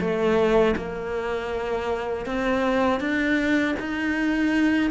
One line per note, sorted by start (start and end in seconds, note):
0.00 0.75 A3
0.76 2.26 A#3
2.26 3.00 C4
3.00 3.75 D4
3.79 4.91 D#4